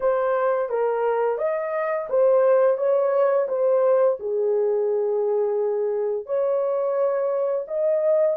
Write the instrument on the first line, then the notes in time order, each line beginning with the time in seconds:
horn
0.00 C5
0.69 A#4
1.38 D#5
2.09 C5
2.77 C#5
3.48 C5
4.19 G#4
6.26 C#5
7.67 D#5